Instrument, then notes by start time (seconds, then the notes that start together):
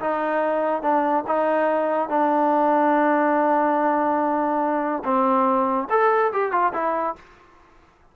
trombone
0.00 D#4
0.82 D4
1.27 D#4
2.09 D4
5.04 C4
5.89 A4
6.32 G4
6.51 F4
6.73 E4